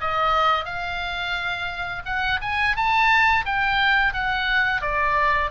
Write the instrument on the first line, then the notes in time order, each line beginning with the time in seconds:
oboe
0.00 D#5
0.65 F5
2.05 F#5
2.41 G#5
2.76 A5
3.45 G5
4.13 F#5
4.81 D5